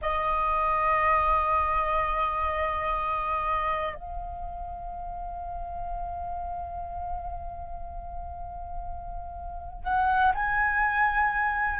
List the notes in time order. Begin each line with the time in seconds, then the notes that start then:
0.01 D#5
3.94 F5
9.83 F#5
10.34 G#5